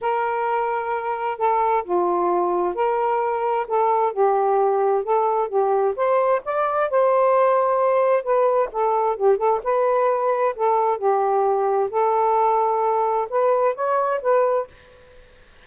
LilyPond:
\new Staff \with { instrumentName = "saxophone" } { \time 4/4 \tempo 4 = 131 ais'2. a'4 | f'2 ais'2 | a'4 g'2 a'4 | g'4 c''4 d''4 c''4~ |
c''2 b'4 a'4 | g'8 a'8 b'2 a'4 | g'2 a'2~ | a'4 b'4 cis''4 b'4 | }